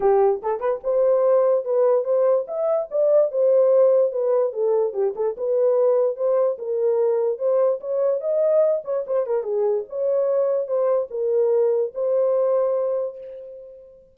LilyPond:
\new Staff \with { instrumentName = "horn" } { \time 4/4 \tempo 4 = 146 g'4 a'8 b'8 c''2 | b'4 c''4 e''4 d''4 | c''2 b'4 a'4 | g'8 a'8 b'2 c''4 |
ais'2 c''4 cis''4 | dis''4. cis''8 c''8 ais'8 gis'4 | cis''2 c''4 ais'4~ | ais'4 c''2. | }